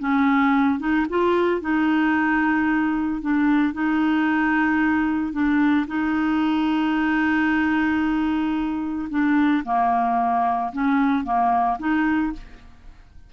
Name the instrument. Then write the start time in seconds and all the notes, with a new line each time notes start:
clarinet
0.00 C#4
0.80 D#4
1.10 F4
1.61 D#4
3.22 D4
3.74 D#4
5.33 D4
5.88 D#4
9.10 D4
9.65 A#3
10.73 C#4
11.25 A#3
11.80 D#4